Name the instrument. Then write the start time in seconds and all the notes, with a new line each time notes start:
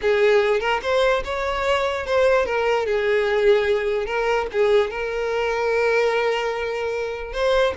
violin
0.01 G#4
0.60 A#4
0.82 C5
1.24 C#5
2.06 C5
2.45 A#4
2.86 G#4
4.06 A#4
4.52 G#4
4.90 A#4
7.32 C5